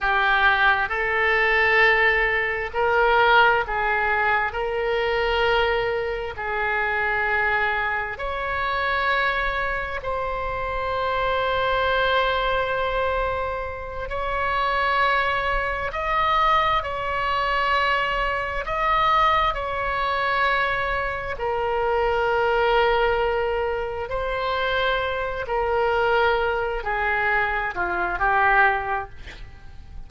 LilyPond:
\new Staff \with { instrumentName = "oboe" } { \time 4/4 \tempo 4 = 66 g'4 a'2 ais'4 | gis'4 ais'2 gis'4~ | gis'4 cis''2 c''4~ | c''2.~ c''8 cis''8~ |
cis''4. dis''4 cis''4.~ | cis''8 dis''4 cis''2 ais'8~ | ais'2~ ais'8 c''4. | ais'4. gis'4 f'8 g'4 | }